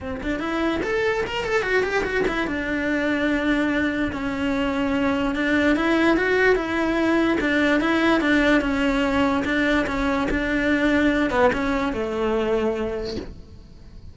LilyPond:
\new Staff \with { instrumentName = "cello" } { \time 4/4 \tempo 4 = 146 c'8 d'8 e'4 a'4 ais'8 a'8 | fis'8 g'8 fis'8 e'8 d'2~ | d'2 cis'2~ | cis'4 d'4 e'4 fis'4 |
e'2 d'4 e'4 | d'4 cis'2 d'4 | cis'4 d'2~ d'8 b8 | cis'4 a2. | }